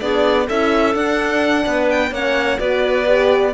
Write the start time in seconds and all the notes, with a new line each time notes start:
0.00 B3 D4 G#4 D5
0.46 C#4 E4 A4 E5
0.94 D4 F#5
1.66 B3 B4
1.90 G5
2.11 A#3 C#4 C#5 F#5
2.58 B3 F#4 B4 D5
3.06 G4